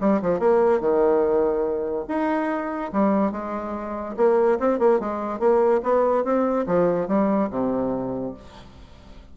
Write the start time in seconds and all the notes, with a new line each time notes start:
0.00 G3
0.22 F3
0.39 A#3
0.80 D#3
2.08 D#4
2.92 G3
3.32 G#3
4.16 A#3
4.59 C4
4.79 A#3
4.99 G#3
5.39 A#3
5.82 B3
6.24 C4
6.66 F3
7.07 G3
7.50 C3